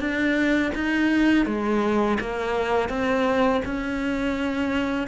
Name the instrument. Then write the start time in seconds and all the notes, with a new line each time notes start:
cello
0.00 D4
0.75 D#4
1.46 G#3
2.20 A#3
2.89 C4
3.65 C#4